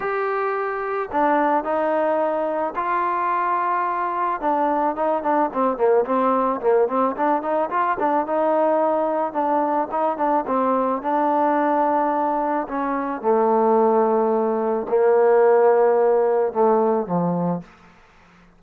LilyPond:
\new Staff \with { instrumentName = "trombone" } { \time 4/4 \tempo 4 = 109 g'2 d'4 dis'4~ | dis'4 f'2. | d'4 dis'8 d'8 c'8 ais8 c'4 | ais8 c'8 d'8 dis'8 f'8 d'8 dis'4~ |
dis'4 d'4 dis'8 d'8 c'4 | d'2. cis'4 | a2. ais4~ | ais2 a4 f4 | }